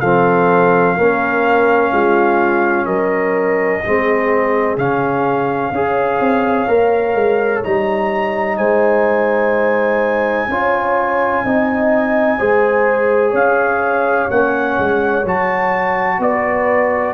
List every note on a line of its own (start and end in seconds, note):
0.00 0.96 F3
0.00 0.98 C4
0.00 0.96 A4
0.00 2.85 F5
0.96 1.91 A#3
0.96 3.84 C#4
0.96 1.92 A#4
1.91 2.86 G#3
1.91 2.86 F4
2.85 3.81 F#3
2.85 3.81 A#4
2.85 4.75 D#5
3.85 4.77 G#3
3.85 4.78 C4
3.85 5.72 G#4
4.77 5.72 C#3
4.77 5.73 C#4
4.77 7.63 F5
5.72 6.19 C#4
5.72 6.68 G#4
5.72 8.58 C#5
6.20 6.67 C4
6.67 7.14 A#3
6.67 7.63 A#4
7.14 7.62 G#3
7.63 8.58 G3
7.63 10.49 D#4
7.63 8.57 A#5
8.57 10.48 G#3
8.57 10.48 C5
8.57 13.33 G#5
10.48 11.43 C#4
10.48 11.45 F4
10.48 11.44 C#5
11.44 12.39 C4
11.44 12.38 D#4
11.44 12.38 D#5
12.38 13.33 G#3
12.38 14.29 G#4
12.38 13.30 C5
13.30 14.28 C#4
13.30 16.16 C#5
13.30 14.30 F5
14.29 14.78 A#3
14.29 15.25 C#4
14.29 15.25 F#5
14.78 15.24 G#3
15.24 16.19 F#3
15.24 17.13 F#4
15.24 16.21 A5
16.19 17.13 B3
16.19 17.13 B4
16.19 17.13 D5